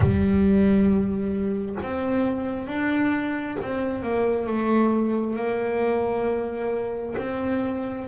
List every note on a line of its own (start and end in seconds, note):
0.00 1.76 G3
1.82 2.67 C4
2.67 3.57 D4
3.61 4.02 C4
4.02 4.46 A#3
4.46 5.36 A3
5.36 7.15 A#3
7.18 8.07 C4